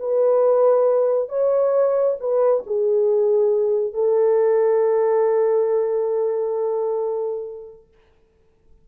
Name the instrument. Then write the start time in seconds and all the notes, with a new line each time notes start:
horn
0.00 B4
1.29 C#5
2.20 B4
2.67 G#4
3.94 A4